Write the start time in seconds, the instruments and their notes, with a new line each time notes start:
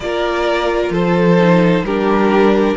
0.00 cello A#3, viola F4, violin A#4 D5
0.90 cello F3, violin A4 C5
1.38 viola D#4
1.83 cello G3, viola D4, violin G4 A#4